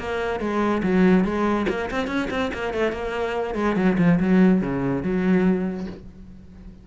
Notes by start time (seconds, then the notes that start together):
0.00 A#3
0.41 G#3
0.84 F#3
1.25 G#3
1.70 A#3
1.91 C4
2.08 C#4
2.31 C4
2.54 A#3
2.74 A3
2.92 A#3
3.55 G#3
3.77 F#3
3.99 F3
4.21 F#3
4.62 C#3
5.03 F#3